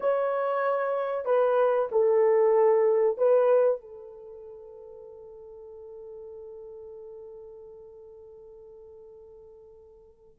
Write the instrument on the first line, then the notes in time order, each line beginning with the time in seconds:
horn
0.00 C#5
1.25 B4
1.91 A4
3.17 B4
3.81 A4